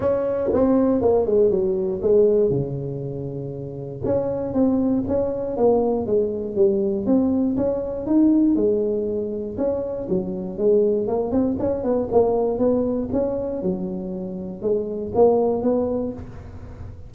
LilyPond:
\new Staff \with { instrumentName = "tuba" } { \time 4/4 \tempo 4 = 119 cis'4 c'4 ais8 gis8 fis4 | gis4 cis2. | cis'4 c'4 cis'4 ais4 | gis4 g4 c'4 cis'4 |
dis'4 gis2 cis'4 | fis4 gis4 ais8 c'8 cis'8 b8 | ais4 b4 cis'4 fis4~ | fis4 gis4 ais4 b4 | }